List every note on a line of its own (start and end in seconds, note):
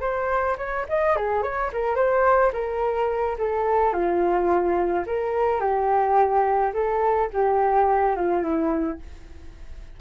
0.00 0.56 C5
0.57 0.85 C#5
0.88 1.16 D#5
1.16 1.42 G#4
1.42 1.70 C#5
1.73 1.95 A#4
1.95 2.51 C5
2.52 3.36 A#4
3.38 3.93 A4
3.93 5.05 F4
5.06 5.60 A#4
5.60 6.72 G4
6.73 7.29 A4
7.33 8.16 G4
8.16 8.42 F4
8.42 8.98 E4